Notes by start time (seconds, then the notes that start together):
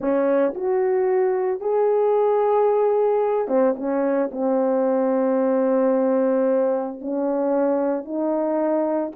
0.00 C#4
0.54 F#4
1.60 G#4
3.47 C4
3.76 C#4
4.31 C4
7.01 C#4
8.04 D#4